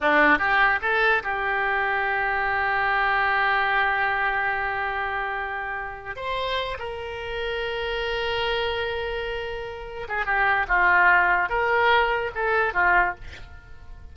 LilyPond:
\new Staff \with { instrumentName = "oboe" } { \time 4/4 \tempo 4 = 146 d'4 g'4 a'4 g'4~ | g'1~ | g'1~ | g'2. c''4~ |
c''8 ais'2.~ ais'8~ | ais'1~ | ais'8 gis'8 g'4 f'2 | ais'2 a'4 f'4 | }